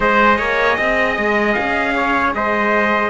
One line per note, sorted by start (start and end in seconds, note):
0.00 0.38 G#3
0.00 3.10 G#4
0.00 0.37 C5
0.00 1.53 D#5
0.37 0.77 A#3
0.37 0.76 C#5
0.77 1.17 C4
0.77 1.94 D#5
1.17 1.56 G#3
1.53 2.34 C#4
1.53 2.31 F5
1.95 2.34 C#5
2.34 3.10 G#3
2.34 3.10 C5
2.34 3.10 D#5